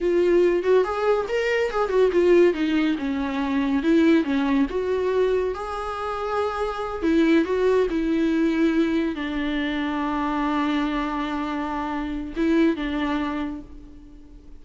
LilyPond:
\new Staff \with { instrumentName = "viola" } { \time 4/4 \tempo 4 = 141 f'4. fis'8 gis'4 ais'4 | gis'8 fis'8 f'4 dis'4 cis'4~ | cis'4 e'4 cis'4 fis'4~ | fis'4 gis'2.~ |
gis'8 e'4 fis'4 e'4.~ | e'4. d'2~ d'8~ | d'1~ | d'4 e'4 d'2 | }